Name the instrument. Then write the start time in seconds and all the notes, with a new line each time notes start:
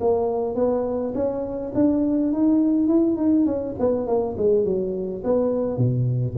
tuba
0.00 A#3
0.55 B3
1.14 C#4
1.75 D4
2.33 D#4
2.87 E4
3.17 D#4
3.46 C#4
3.79 B3
4.07 A#3
4.37 G#3
4.65 F#3
5.24 B3
5.77 B2